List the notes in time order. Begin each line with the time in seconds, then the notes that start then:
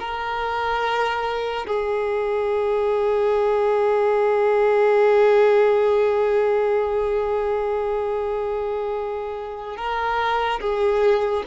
0.00 A#4
1.67 G#4
9.77 A#4
10.61 G#4